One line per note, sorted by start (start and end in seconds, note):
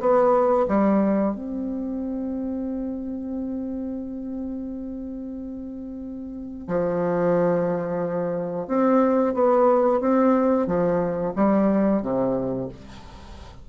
0.00 0.67 B3
0.68 1.35 G3
1.35 6.68 C4
6.68 8.68 F3
8.68 9.34 C4
9.34 10.01 B3
10.01 10.67 C4
10.67 11.33 F3
11.36 12.02 G3
12.02 12.69 C3